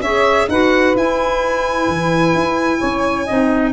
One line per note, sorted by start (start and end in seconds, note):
0.00 0.47 C#4
0.00 0.51 G#4
0.00 0.48 C#5
0.00 0.48 E5
0.48 0.95 D#4
0.48 0.97 F#4
0.48 2.79 B4
0.48 0.96 F#5
0.95 1.88 E4
0.95 3.28 E4
0.95 3.73 G#5
1.88 2.34 E3
2.34 2.80 E4
2.79 3.29 C#4
2.79 3.25 C#5
3.25 3.73 C4
3.25 3.73 D#4
3.25 3.72 D#5